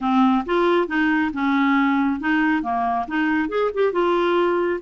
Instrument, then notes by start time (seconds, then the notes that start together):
clarinet
0.00 C4
0.45 F4
0.87 D#4
1.33 C#4
2.20 D#4
2.62 A#3
3.07 D#4
3.49 G#4
3.73 G4
3.92 F4